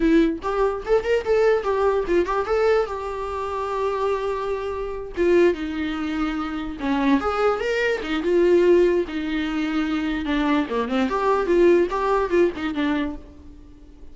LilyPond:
\new Staff \with { instrumentName = "viola" } { \time 4/4 \tempo 4 = 146 e'4 g'4 a'8 ais'8 a'4 | g'4 f'8 g'8 a'4 g'4~ | g'1~ | g'8 f'4 dis'2~ dis'8~ |
dis'8 cis'4 gis'4 ais'4 dis'8 | f'2 dis'2~ | dis'4 d'4 ais8 c'8 g'4 | f'4 g'4 f'8 dis'8 d'4 | }